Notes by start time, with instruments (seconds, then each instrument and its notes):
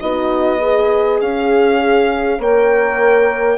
0.00 bassoon B3, horn D#4 F#4, violin D#5
0.59 horn G#4 B4
1.21 bassoon C#4, horn G#4, violin F5
2.38 bassoon A#3, horn A#4 C#5, violin G5